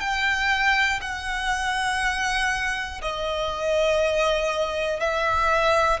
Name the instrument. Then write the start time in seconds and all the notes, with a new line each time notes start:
violin
0.00 G5
1.00 F#5
3.01 D#5
5.00 E5